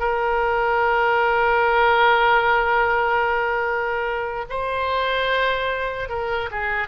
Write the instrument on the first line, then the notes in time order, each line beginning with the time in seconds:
oboe
0.00 A#4
4.50 C5
6.10 A#4
6.52 G#4